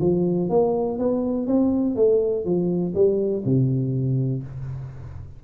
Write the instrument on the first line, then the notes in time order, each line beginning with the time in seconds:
tuba
0.00 F3
0.49 A#3
0.98 B3
1.47 C4
1.96 A3
2.45 F3
2.94 G3
3.45 C3